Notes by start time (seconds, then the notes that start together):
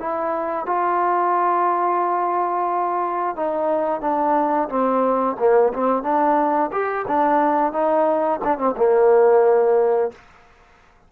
0.00 E4
0.66 F4
3.36 D#4
4.01 D4
4.69 C4
5.40 A#3
5.74 C4
6.03 D4
6.72 G4
7.08 D4
7.73 D#4
8.44 D4
8.58 C4
8.77 A#3